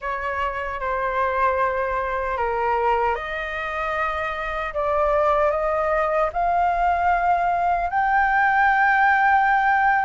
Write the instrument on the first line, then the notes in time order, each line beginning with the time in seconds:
flute
0.01 C#5
0.80 C5
2.37 A#4
3.15 D#5
4.73 D5
5.50 D#5
6.32 F5
7.89 G5